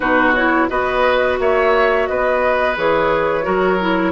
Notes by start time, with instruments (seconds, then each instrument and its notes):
0.00 bassoon B2, clarinet D#4, oboe F#4, flute B4
0.34 clarinet E4, flute C#5
0.69 bassoon B3, clarinet F#4, oboe B4, flute D#5
1.39 bassoon A#3, oboe C#5, flute E5
2.07 bassoon B3, oboe B4, flute D#5
2.76 bassoon E3, clarinet G#4, flute C#5
3.42 bassoon F#3, clarinet F#4, oboe A#4
3.80 clarinet E4